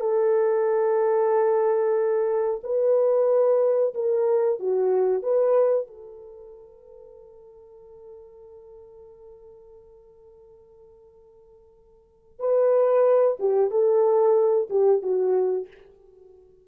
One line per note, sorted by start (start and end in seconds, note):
0.00 2.61 A4
2.64 3.94 B4
3.94 4.59 A#4
4.59 5.23 F#4
5.23 5.87 B4
5.87 12.39 A4
12.40 13.38 B4
13.40 13.70 G4
13.70 14.68 A4
14.70 15.02 G4
15.02 15.67 F#4